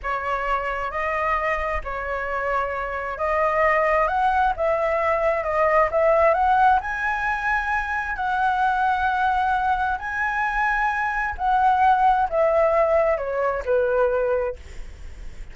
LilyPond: \new Staff \with { instrumentName = "flute" } { \time 4/4 \tempo 4 = 132 cis''2 dis''2 | cis''2. dis''4~ | dis''4 fis''4 e''2 | dis''4 e''4 fis''4 gis''4~ |
gis''2 fis''2~ | fis''2 gis''2~ | gis''4 fis''2 e''4~ | e''4 cis''4 b'2 | }